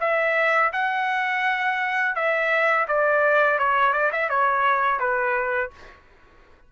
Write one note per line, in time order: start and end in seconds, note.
0.00 0.71 E5
0.72 2.15 F#5
2.15 2.86 E5
2.87 3.58 D5
3.58 3.93 C#5
3.93 4.10 D5
4.12 4.29 E5
4.29 4.99 C#5
4.99 5.70 B4